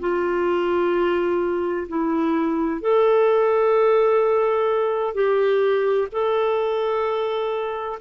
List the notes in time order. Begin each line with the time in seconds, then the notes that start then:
0.00 F4
1.88 E4
2.82 A4
5.14 G4
6.12 A4